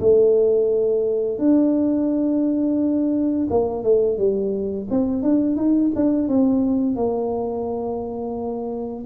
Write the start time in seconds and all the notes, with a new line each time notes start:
0.00 A3
1.39 D4
3.50 A#3
3.83 A3
4.18 G3
4.90 C4
5.23 D4
5.57 D#4
5.96 D4
6.28 C4
6.96 A#3